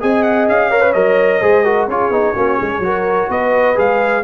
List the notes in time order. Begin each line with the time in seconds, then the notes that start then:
0.00 C4 G#4 D#5 G#5
0.23 F#5
0.48 C#4 F5
0.70 A#4 C#5
0.81 B4
0.93 F#3 A#4 D#5
1.40 G#3 G#4 C5
1.64 F#4 A#4
1.87 C#4 F4 G#4 C#5
2.10 B3 D#4
2.34 A#3 C#4 F#4
2.57 G#3 G#4
2.79 F#3 F#4 A#4
3.29 B3 B4 D#5
3.75 G#3 G#4 F5